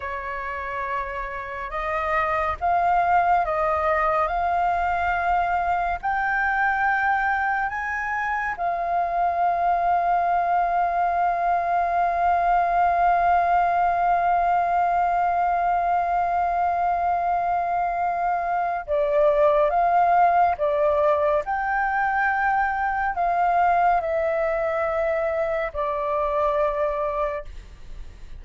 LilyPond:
\new Staff \with { instrumentName = "flute" } { \time 4/4 \tempo 4 = 70 cis''2 dis''4 f''4 | dis''4 f''2 g''4~ | g''4 gis''4 f''2~ | f''1~ |
f''1~ | f''2 d''4 f''4 | d''4 g''2 f''4 | e''2 d''2 | }